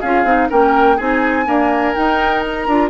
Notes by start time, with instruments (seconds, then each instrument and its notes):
0.00 bassoon C#4, clarinet F4, oboe G#4, flute F5
0.24 bassoon C4, clarinet D#4
0.49 bassoon A#3, clarinet C#4, oboe A#4, flute G5
0.96 bassoon C4, clarinet D#4, oboe G#4, flute G#5
1.45 clarinet A#3, bassoon D4, oboe A#4
1.95 clarinet D#4, bassoon D#4, flute G5
2.40 flute A#5
2.67 bassoon D4, clarinet F4